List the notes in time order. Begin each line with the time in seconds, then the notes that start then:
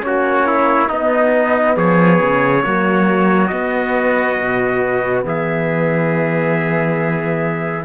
0.00 A#3 C#4 C#5
0.07 F#4
0.47 E4
0.89 B3 D#4 D#5
1.77 F3 G#4 C#5
2.22 C#3
2.62 F#3 A#3 F#4
3.48 B3 D#5
4.40 B2
5.25 E3 G#4 E5